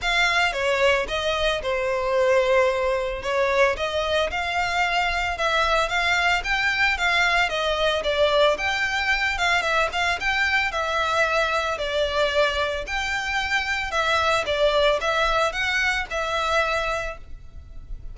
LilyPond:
\new Staff \with { instrumentName = "violin" } { \time 4/4 \tempo 4 = 112 f''4 cis''4 dis''4 c''4~ | c''2 cis''4 dis''4 | f''2 e''4 f''4 | g''4 f''4 dis''4 d''4 |
g''4. f''8 e''8 f''8 g''4 | e''2 d''2 | g''2 e''4 d''4 | e''4 fis''4 e''2 | }